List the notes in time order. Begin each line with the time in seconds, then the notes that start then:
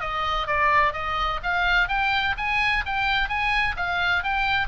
0.00 D#5
0.47 D5
0.93 D#5
1.43 F5
1.88 G5
2.37 G#5
2.86 G5
3.29 G#5
3.77 F5
4.23 G5